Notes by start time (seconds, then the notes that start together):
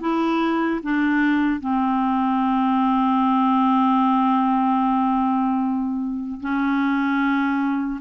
0.00 E4
0.83 D4
1.60 C4
6.40 C#4